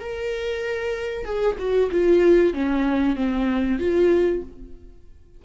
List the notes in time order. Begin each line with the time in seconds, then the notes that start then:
0.00 A#4
1.25 G#4
1.59 F#4
1.92 F4
2.53 C#4
3.16 C4
3.80 F4